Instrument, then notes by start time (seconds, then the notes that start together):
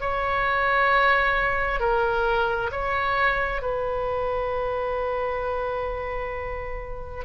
oboe
0.00 C#5
1.80 A#4
2.71 C#5
3.62 B4